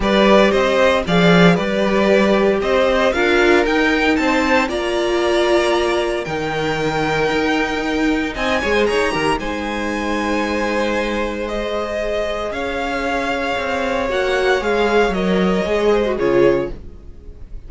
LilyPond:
<<
  \new Staff \with { instrumentName = "violin" } { \time 4/4 \tempo 4 = 115 d''4 dis''4 f''4 d''4~ | d''4 dis''4 f''4 g''4 | a''4 ais''2. | g''1 |
gis''4 ais''4 gis''2~ | gis''2 dis''2 | f''2. fis''4 | f''4 dis''2 cis''4 | }
  \new Staff \with { instrumentName = "violin" } { \time 4/4 b'4 c''4 d''4 b'4~ | b'4 c''4 ais'2 | c''4 d''2. | ais'1 |
dis''8 cis''16 c''16 cis''8 ais'8 c''2~ | c''1 | cis''1~ | cis''2~ cis''8 c''8 gis'4 | }
  \new Staff \with { instrumentName = "viola" } { \time 4/4 g'2 gis'4 g'4~ | g'2 f'4 dis'4~ | dis'4 f'2. | dis'1~ |
dis'8 gis'4 g'8 dis'2~ | dis'2 gis'2~ | gis'2. fis'4 | gis'4 ais'4 gis'8. fis'16 f'4 | }
  \new Staff \with { instrumentName = "cello" } { \time 4/4 g4 c'4 f4 g4~ | g4 c'4 d'4 dis'4 | c'4 ais2. | dis2 dis'2 |
c'8 gis8 dis'8 dis8 gis2~ | gis1 | cis'2 c'4 ais4 | gis4 fis4 gis4 cis4 | }
>>